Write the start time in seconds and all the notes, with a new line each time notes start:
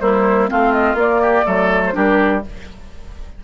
0.00 G3 A#3 E4 C5
0.49 A3 C4 F4 F5
0.72 D#5
0.94 A#3 D5
1.22 G4
1.45 F#3 A3 A4
1.86 C5
1.93 G3 D4 G4 A#4